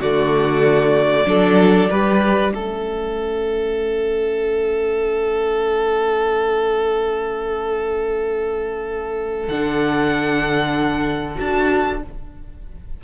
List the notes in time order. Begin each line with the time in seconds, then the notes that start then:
0.00 D3 A3 F#4 D5
1.25 F#3 D4 A4
1.90 G3 G4 B4
2.53 A3 C#4 A4 E5
9.48 D3 D4 F#5
11.36 D4 F#4 A5